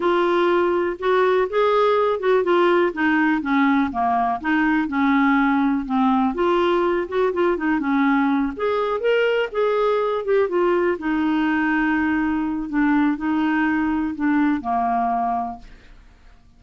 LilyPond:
\new Staff \with { instrumentName = "clarinet" } { \time 4/4 \tempo 4 = 123 f'2 fis'4 gis'4~ | gis'8 fis'8 f'4 dis'4 cis'4 | ais4 dis'4 cis'2 | c'4 f'4. fis'8 f'8 dis'8 |
cis'4. gis'4 ais'4 gis'8~ | gis'4 g'8 f'4 dis'4.~ | dis'2 d'4 dis'4~ | dis'4 d'4 ais2 | }